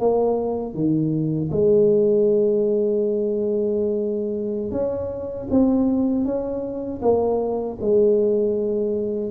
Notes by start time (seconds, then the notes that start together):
0.00 A#3
0.74 D#3
1.51 G#3
4.71 C#4
5.50 C4
6.25 C#4
7.02 A#3
7.81 G#3